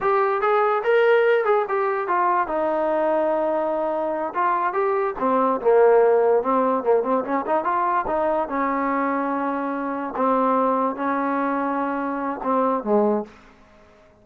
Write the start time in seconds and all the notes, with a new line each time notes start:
0.00 G4
0.41 G#4
0.83 A#4
1.44 G#4
1.68 G4
2.07 F4
2.47 D#4
4.34 F4
4.73 G4
5.19 C4
5.61 A#3
6.42 C4
6.83 A#3
7.03 C4
7.24 C#4
7.46 D#4
7.64 F4
8.07 D#4
8.48 C#4
10.16 C4
10.95 C#4
12.43 C4
12.83 G#3